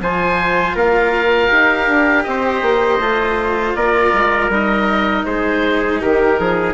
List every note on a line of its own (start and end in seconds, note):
0.00 0.74 F3
0.00 1.48 F4
0.00 0.75 C5
0.00 0.77 G#5
0.74 1.49 A#3
0.74 2.25 A#4
0.74 2.23 F5
1.48 1.87 D#4
1.48 2.98 G4
1.87 2.25 D4
2.23 2.62 C4
2.23 3.76 C5
2.23 3.73 D#5
2.62 2.99 A#3
2.99 3.74 A3
2.99 4.50 F4
3.75 4.12 A#3
3.75 5.26 A#4
3.75 4.50 D5
4.12 4.49 G#3
4.49 5.24 G3
4.49 6.73 D#4
4.49 5.25 D#5
5.25 6.01 G#3
5.25 6.01 G#4
5.25 6.00 C5
6.01 6.39 D#3
6.01 6.39 G4
6.01 6.73 A#4
6.39 6.73 F3
6.39 6.73 G#4